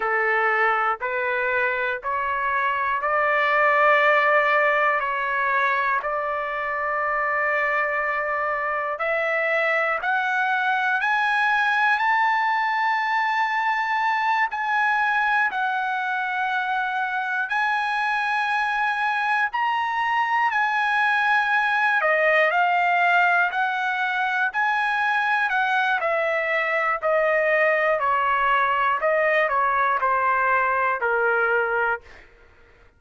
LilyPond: \new Staff \with { instrumentName = "trumpet" } { \time 4/4 \tempo 4 = 60 a'4 b'4 cis''4 d''4~ | d''4 cis''4 d''2~ | d''4 e''4 fis''4 gis''4 | a''2~ a''8 gis''4 fis''8~ |
fis''4. gis''2 ais''8~ | ais''8 gis''4. dis''8 f''4 fis''8~ | fis''8 gis''4 fis''8 e''4 dis''4 | cis''4 dis''8 cis''8 c''4 ais'4 | }